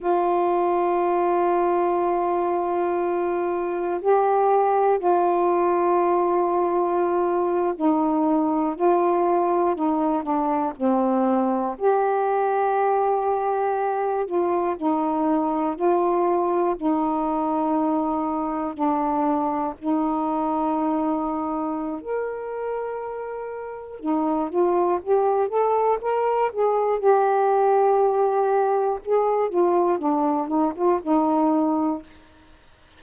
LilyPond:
\new Staff \with { instrumentName = "saxophone" } { \time 4/4 \tempo 4 = 60 f'1 | g'4 f'2~ f'8. dis'16~ | dis'8. f'4 dis'8 d'8 c'4 g'16~ | g'2~ g'16 f'8 dis'4 f'16~ |
f'8. dis'2 d'4 dis'16~ | dis'2 ais'2 | dis'8 f'8 g'8 a'8 ais'8 gis'8 g'4~ | g'4 gis'8 f'8 d'8 dis'16 f'16 dis'4 | }